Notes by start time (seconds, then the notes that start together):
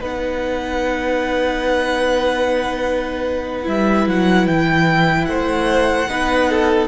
0.00 B3 D#4 B4 F#5
3.64 G3 E4 E5
4.07 F#3 F#5
4.47 E3 G5
5.26 A3 C5 F#5
6.08 B3 D#4 B4
6.50 A4